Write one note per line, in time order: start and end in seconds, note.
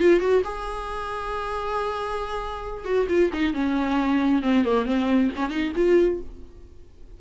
0.00 0.20 F4
0.20 0.42 F#4
0.44 2.85 G#4
2.85 3.07 F#4
3.09 3.31 F4
3.33 3.54 D#4
3.54 4.43 C#4
4.43 4.65 C4
4.65 4.86 A#3
4.86 5.30 C4
5.36 5.50 C#4
5.50 5.73 D#4
5.76 6.20 F4